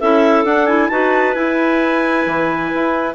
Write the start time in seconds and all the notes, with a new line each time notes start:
0.00 C#4 E4 A4 E5
0.45 D4 F#5
0.67 E4 G#5
0.89 D#4 F#4 B4 A5
1.34 E4 G#5
2.27 E3
2.75 E4